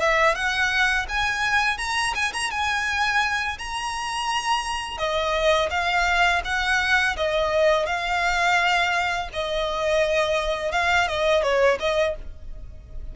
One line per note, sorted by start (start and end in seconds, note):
0.00 0.35 E5
0.35 1.06 F#5
1.09 1.78 G#5
1.78 2.14 A#5
2.15 2.33 G#5
2.33 2.51 A#5
2.51 3.58 G#5
3.59 4.98 A#5
4.98 5.69 D#5
5.70 6.42 F5
6.45 7.16 F#5
7.17 7.86 D#5
7.86 9.29 F5
9.33 10.72 D#5
10.72 11.08 F5
11.08 11.43 D#5
11.43 11.79 C#5
11.80 12.16 D#5